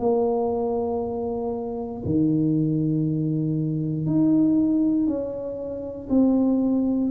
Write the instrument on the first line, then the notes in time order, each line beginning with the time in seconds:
tuba
0.00 A#3
2.06 D#3
4.07 D#4
5.07 C#4
6.10 C4